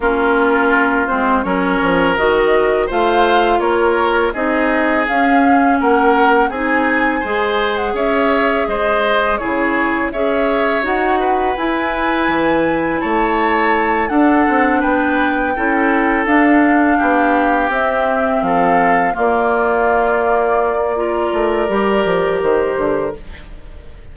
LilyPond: <<
  \new Staff \with { instrumentName = "flute" } { \time 4/4 \tempo 4 = 83 ais'4. c''8 cis''4 dis''4 | f''4 cis''4 dis''4 f''4 | fis''4 gis''4.~ gis''16 fis''16 e''4 | dis''4 cis''4 e''4 fis''4 |
gis''2 a''4. fis''8~ | fis''8 g''2 f''4.~ | f''8 e''4 f''4 d''4.~ | d''2. c''4 | }
  \new Staff \with { instrumentName = "oboe" } { \time 4/4 f'2 ais'2 | c''4 ais'4 gis'2 | ais'4 gis'4 c''4 cis''4 | c''4 gis'4 cis''4. b'8~ |
b'2 cis''4. a'8~ | a'8 b'4 a'2 g'8~ | g'4. a'4 f'4.~ | f'4 ais'2. | }
  \new Staff \with { instrumentName = "clarinet" } { \time 4/4 cis'4. c'8 cis'4 fis'4 | f'2 dis'4 cis'4~ | cis'4 dis'4 gis'2~ | gis'4 e'4 gis'4 fis'4 |
e'2.~ e'8 d'8~ | d'4. e'4 d'4.~ | d'8 c'2 ais4.~ | ais4 f'4 g'2 | }
  \new Staff \with { instrumentName = "bassoon" } { \time 4/4 ais4. gis8 fis8 f8 dis4 | a4 ais4 c'4 cis'4 | ais4 c'4 gis4 cis'4 | gis4 cis4 cis'4 dis'4 |
e'4 e4 a4. d'8 | c'8 b4 cis'4 d'4 b8~ | b8 c'4 f4 ais4.~ | ais4. a8 g8 f8 dis8 d8 | }
>>